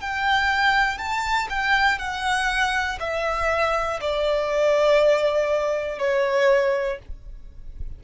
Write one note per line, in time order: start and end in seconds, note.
0.00 0.98 G5
0.98 1.48 A5
1.49 1.98 G5
1.98 2.98 F#5
3.00 4.00 E5
4.00 5.99 D5
5.99 6.99 C#5